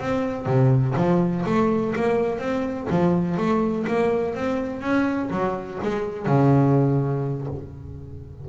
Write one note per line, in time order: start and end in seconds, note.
0.00 0.46 C4
0.46 0.95 C3
0.97 1.45 F3
1.46 1.94 A3
1.96 2.39 A#3
2.39 2.88 C4
2.91 3.38 F3
3.38 3.86 A3
3.88 4.35 A#3
4.35 4.81 C4
4.81 5.30 C#4
5.31 5.79 F#3
5.83 6.27 G#3
6.27 7.48 C#3